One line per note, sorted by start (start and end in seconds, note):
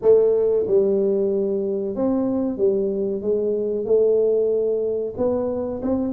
0.02 0.66 A3
0.67 1.95 G3
1.95 2.57 C4
2.57 3.21 G3
3.21 3.85 G#3
3.85 5.14 A3
5.17 5.81 B3
5.82 6.13 C4